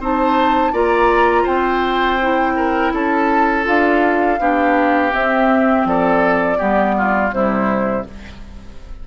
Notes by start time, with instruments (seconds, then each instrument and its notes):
0.00 bassoon C4, clarinet D#4, oboe C5, flute A5
0.73 bassoon A#3, clarinet F4, oboe D5, flute A#5
1.43 bassoon C4, oboe C5, flute G5
2.22 clarinet E4
2.57 oboe A#4
2.93 bassoon C#4, oboe A4, flute A5
3.64 bassoon D4, clarinet F4, flute F5
4.40 bassoon B3, clarinet D4, oboe G4
5.12 clarinet C4, bassoon C4, flute E5
5.85 bassoon F3, oboe A4, flute D5
6.57 bassoon G3, clarinet B3, oboe G4
6.98 oboe F4
7.32 bassoon C3, clarinet G3, oboe E4, flute C5